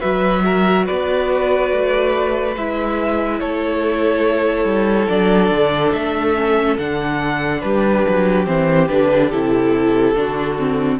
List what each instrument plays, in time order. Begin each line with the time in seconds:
0.00 cello F#3, viola F#4, violin B4 E5
0.45 violin A#4
0.86 cello B3, violin B4 D5
1.71 cello A3
2.56 cello G#3, viola E4, violin E5
3.39 cello A3, violin A4 C#5
4.64 cello G3
5.08 cello F#3, viola D4, violin D5
5.50 cello D3
5.92 cello A3, violin E5
6.36 viola C#4
6.78 cello D3, viola D4, violin F#5
7.61 cello G3, violin G4 B4
8.08 cello F#3
8.45 cello E3, viola C4, violin C5
8.88 cello D3, viola D4, violin B4
9.30 cello C3, viola E4, violin A4
10.14 cello D3, viola D4, violin F#4
10.58 viola C4